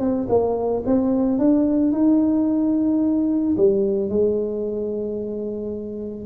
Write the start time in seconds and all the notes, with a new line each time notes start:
0.00 C4
0.29 A#3
0.86 C4
1.39 D4
1.92 D#4
3.57 G3
4.10 G#3